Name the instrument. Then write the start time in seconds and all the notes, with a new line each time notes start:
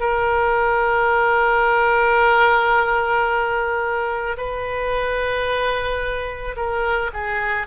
oboe
0.00 A#4
4.37 B4
6.57 A#4
7.14 G#4